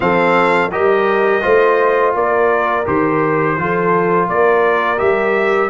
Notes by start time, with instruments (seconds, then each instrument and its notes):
0.00 tuba F3, trombone C4, horn A4, trumpet F5
0.71 tuba G3, trombone G4, horn A#4, trumpet D#5
1.41 tuba A3, trombone F4, horn C5
2.14 tuba A#3, horn A#4, trumpet D5
2.85 tuba D#3, trombone G4, trumpet C5
3.57 tuba F3, trombone F4, horn A4
4.28 tuba A#3, horn A#4, trumpet D5
4.97 tuba G3, trombone G4, trumpet E5